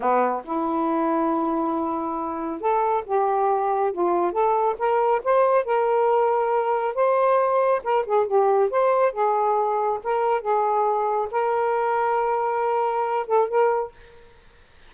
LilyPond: \new Staff \with { instrumentName = "saxophone" } { \time 4/4 \tempo 4 = 138 b4 e'2.~ | e'2 a'4 g'4~ | g'4 f'4 a'4 ais'4 | c''4 ais'2. |
c''2 ais'8 gis'8 g'4 | c''4 gis'2 ais'4 | gis'2 ais'2~ | ais'2~ ais'8 a'8 ais'4 | }